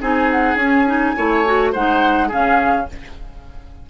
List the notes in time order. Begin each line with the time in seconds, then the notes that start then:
0.00 C4 D#4 G#4 G#5
0.31 F#5
0.55 C#4 G#5
0.86 D#4
1.16 A3 E4 C#5
1.45 F#4
1.72 G#3 D#4 C5 F#5
2.28 C#3 C#4 G#4 F5